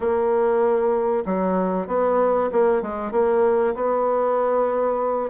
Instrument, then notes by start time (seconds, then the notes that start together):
bassoon
0.00 A#3
1.25 F#3
1.87 B3
2.52 A#3
2.82 G#3
3.11 A#3
3.74 B3